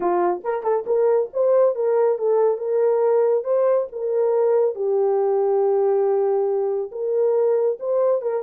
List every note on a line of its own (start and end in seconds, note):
0.00 0.42 F4
0.43 0.63 A#4
0.63 0.84 A4
0.86 1.29 A#4
1.33 1.75 C5
1.75 2.18 A#4
2.18 2.57 A4
2.57 3.44 A#4
3.44 3.87 C5
3.92 4.75 A#4
4.75 6.91 G4
6.91 7.78 A#4
7.79 8.21 C5
8.21 8.43 A#4